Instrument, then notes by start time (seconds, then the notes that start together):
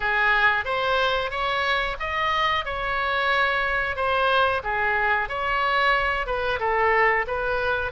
oboe
0.00 G#4
0.64 C5
1.30 C#5
1.99 D#5
2.65 C#5
3.96 C5
4.63 G#4
5.28 C#5
6.26 B4
6.59 A4
7.27 B4